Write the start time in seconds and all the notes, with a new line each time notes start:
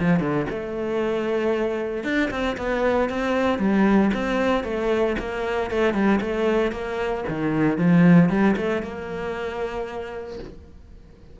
0.00 F3
0.20 D3
0.50 A3
2.04 D4
2.31 C4
2.58 B3
3.09 C4
3.59 G3
4.14 C4
4.64 A3
5.19 A#3
5.71 A3
5.94 G3
6.21 A3
6.72 A#3
7.29 D#3
7.78 F3
8.30 G3
8.57 A3
8.83 A#3